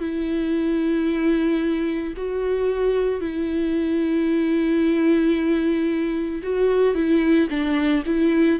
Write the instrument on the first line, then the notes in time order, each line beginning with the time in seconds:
viola
0.00 E4
2.17 F#4
3.21 E4
6.43 F#4
6.95 E4
7.50 D4
8.06 E4